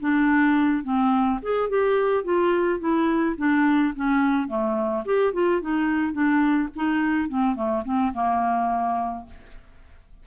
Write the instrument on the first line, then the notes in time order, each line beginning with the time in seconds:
clarinet
0.00 D4
0.84 C4
1.43 G#4
1.69 G4
2.24 F4
2.80 E4
3.38 D4
3.96 C#4
4.48 A3
5.05 G4
5.33 F4
5.61 D#4
6.13 D4
6.76 D#4
7.29 C4
7.56 A3
7.85 C4
8.14 A#3